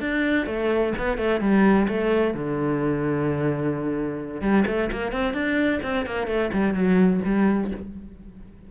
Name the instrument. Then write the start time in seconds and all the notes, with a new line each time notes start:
cello
0.00 D4
0.46 A3
0.98 B3
1.17 A3
1.40 G3
1.88 A3
2.34 D3
4.41 G3
4.66 A3
4.92 A#3
5.12 C4
5.33 D4
5.82 C4
6.06 A#3
6.27 A3
6.53 G3
6.74 F#3
7.24 G3